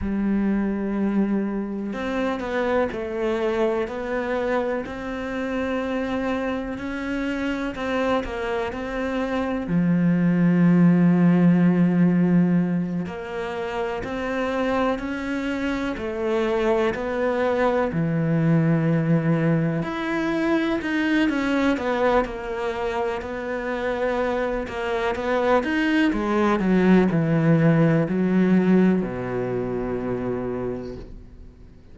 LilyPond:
\new Staff \with { instrumentName = "cello" } { \time 4/4 \tempo 4 = 62 g2 c'8 b8 a4 | b4 c'2 cis'4 | c'8 ais8 c'4 f2~ | f4. ais4 c'4 cis'8~ |
cis'8 a4 b4 e4.~ | e8 e'4 dis'8 cis'8 b8 ais4 | b4. ais8 b8 dis'8 gis8 fis8 | e4 fis4 b,2 | }